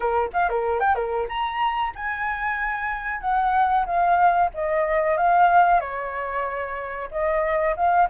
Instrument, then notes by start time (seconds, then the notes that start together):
flute
0.00 A#4
0.33 F5
0.49 A#4
0.80 G5
0.95 A#4
1.28 A#5
1.95 G#5
3.21 F#5
3.85 F5
4.53 D#5
5.17 F5
5.80 C#5
7.11 D#5
7.76 F5